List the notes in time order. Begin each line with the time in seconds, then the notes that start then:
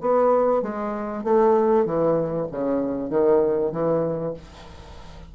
0.00 B3
0.62 G#3
1.23 A3
1.85 E3
2.51 C#3
3.09 D#3
3.71 E3